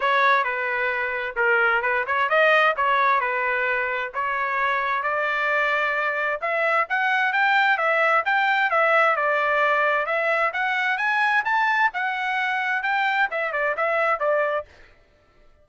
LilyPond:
\new Staff \with { instrumentName = "trumpet" } { \time 4/4 \tempo 4 = 131 cis''4 b'2 ais'4 | b'8 cis''8 dis''4 cis''4 b'4~ | b'4 cis''2 d''4~ | d''2 e''4 fis''4 |
g''4 e''4 g''4 e''4 | d''2 e''4 fis''4 | gis''4 a''4 fis''2 | g''4 e''8 d''8 e''4 d''4 | }